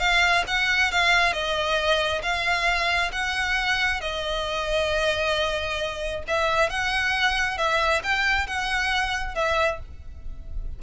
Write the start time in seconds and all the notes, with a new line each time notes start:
0.00 F5
0.48 F#5
0.92 F5
1.33 D#5
2.23 F5
3.13 F#5
4.01 D#5
6.28 E5
6.70 F#5
7.58 E5
8.04 G5
8.47 F#5
9.35 E5